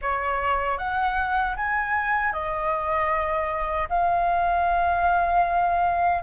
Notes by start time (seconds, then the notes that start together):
0.01 C#5
0.78 F#5
1.56 G#5
2.32 D#5
3.89 F5